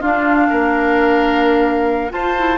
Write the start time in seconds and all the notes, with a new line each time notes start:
0.00 D4 F4 F5
0.49 A#3 A#4
2.10 F4 C5 A5
2.37 E4